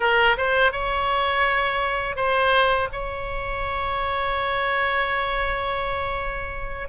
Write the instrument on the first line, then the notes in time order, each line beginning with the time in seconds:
oboe
0.00 A#4
0.37 C5
0.72 C#5
2.16 C5
2.92 C#5